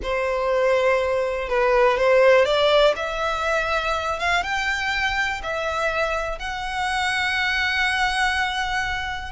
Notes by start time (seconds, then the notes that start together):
0.02 C5
1.49 B4
1.97 C5
2.45 D5
2.96 E5
4.19 F5
4.43 G5
5.42 E5
6.38 F#5